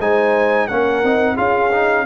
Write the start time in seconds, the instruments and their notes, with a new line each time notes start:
0.00 tuba G#3, trombone D#4, horn C5, trumpet G#5
0.67 tuba A#3, trombone C#4, horn A#4, trumpet F#5
1.03 tuba C4, trombone D#4
1.34 tuba C#4, trombone F4, horn G#4, trumpet F5
1.72 trombone D#4